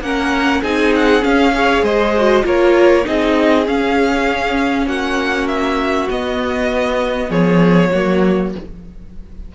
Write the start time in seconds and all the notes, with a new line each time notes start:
0.00 A#3 C#4 A#4 F#5
0.61 C4 D#4 G#4 G#5
0.95 F#5
1.21 C#4 F5
1.54 G#4 C#5
1.82 G#3 C5 D#5
2.17 F#4
2.42 A#3 F4 A#4 C#5
3.04 C4 D#4 G#4 D#5
3.66 C#4 F5
4.86 A#3 F#4 F#5
5.47 E5
6.09 B3 D#5
7.29 F3 G#4 C#5
7.91 F#3 A#3 F#4